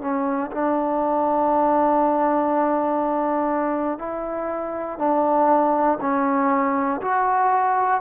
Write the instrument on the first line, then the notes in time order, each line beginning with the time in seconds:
trombone
0.00 C#4
0.51 D4
3.98 E4
4.98 D4
6.00 C#4
7.00 F#4